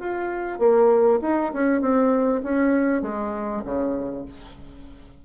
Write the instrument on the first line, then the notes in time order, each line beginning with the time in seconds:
bassoon
0.00 F4
0.59 A#3
1.22 D#4
1.54 C#4
1.82 C4
2.44 C#4
3.02 G#3
3.65 C#3